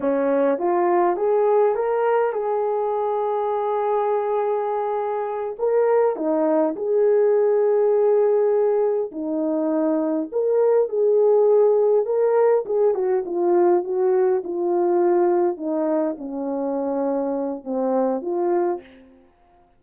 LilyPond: \new Staff \with { instrumentName = "horn" } { \time 4/4 \tempo 4 = 102 cis'4 f'4 gis'4 ais'4 | gis'1~ | gis'4. ais'4 dis'4 gis'8~ | gis'2.~ gis'8 dis'8~ |
dis'4. ais'4 gis'4.~ | gis'8 ais'4 gis'8 fis'8 f'4 fis'8~ | fis'8 f'2 dis'4 cis'8~ | cis'2 c'4 f'4 | }